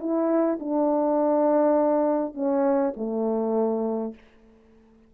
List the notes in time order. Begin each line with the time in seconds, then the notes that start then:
0.00 E4
0.60 D4
2.34 C#4
2.97 A3